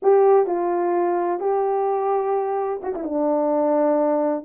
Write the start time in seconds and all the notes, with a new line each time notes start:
0.02 G4
0.46 F4
1.40 G4
2.82 F#4
2.94 E4
3.03 D4